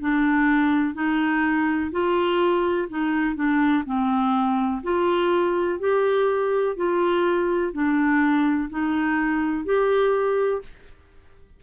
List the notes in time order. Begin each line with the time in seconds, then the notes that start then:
0.00 D4
0.94 D#4
1.91 F4
2.89 D#4
3.35 D4
3.85 C4
4.83 F4
5.79 G4
6.76 F4
7.72 D4
8.69 D#4
9.65 G4